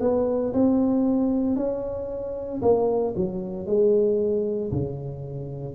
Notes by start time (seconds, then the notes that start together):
0.00 B3
0.53 C4
1.56 C#4
2.61 A#3
3.16 F#3
3.66 G#3
4.72 C#3